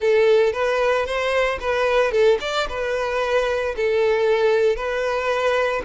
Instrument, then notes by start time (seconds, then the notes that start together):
violin
0.00 A4
0.52 B4
1.05 C5
1.60 B4
2.11 A4
2.40 D5
2.68 B4
3.76 A4
4.75 B4